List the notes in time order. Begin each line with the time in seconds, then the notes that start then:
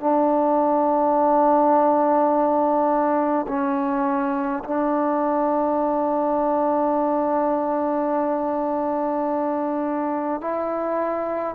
0.00 D4
3.48 C#4
4.64 D4
10.41 E4